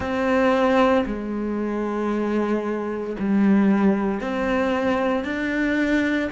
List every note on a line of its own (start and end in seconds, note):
0.00 1.04 C4
1.05 3.16 G#3
3.19 4.21 G3
4.21 5.24 C4
5.24 6.29 D4